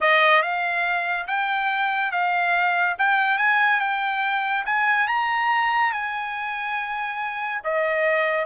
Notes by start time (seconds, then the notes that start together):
0.01 D#5
0.42 F5
1.27 G5
2.11 F5
2.98 G5
3.37 G#5
3.80 G5
4.65 G#5
5.07 A#5
5.92 G#5
7.64 D#5